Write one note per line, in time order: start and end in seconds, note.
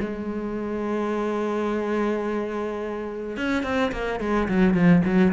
0.00 3.36 G#3
3.36 3.63 C#4
3.63 3.91 C4
3.92 4.20 A#3
4.20 4.48 G#3
4.48 4.74 F#3
4.74 5.02 F3
5.04 5.32 F#3